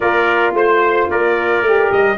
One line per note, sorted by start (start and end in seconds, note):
0.00 0.53 A#3
0.00 1.62 F4
0.00 0.55 A#4
0.00 0.54 D5
0.53 1.07 A3
0.53 1.10 C5
1.08 1.61 A#3
1.08 2.18 A#4
1.08 1.91 D5
1.61 1.88 A3
1.61 2.18 G4
1.91 2.18 G3
1.91 2.18 D#5